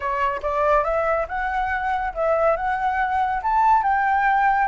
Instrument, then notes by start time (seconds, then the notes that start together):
flute
0.00 C#5
0.42 D5
0.83 E5
1.28 F#5
2.14 E5
2.56 F#5
3.42 A5
3.83 G5